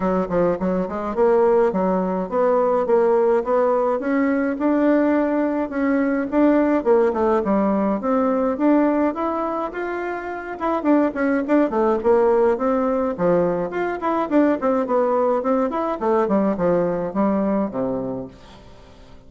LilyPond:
\new Staff \with { instrumentName = "bassoon" } { \time 4/4 \tempo 4 = 105 fis8 f8 fis8 gis8 ais4 fis4 | b4 ais4 b4 cis'4 | d'2 cis'4 d'4 | ais8 a8 g4 c'4 d'4 |
e'4 f'4. e'8 d'8 cis'8 | d'8 a8 ais4 c'4 f4 | f'8 e'8 d'8 c'8 b4 c'8 e'8 | a8 g8 f4 g4 c4 | }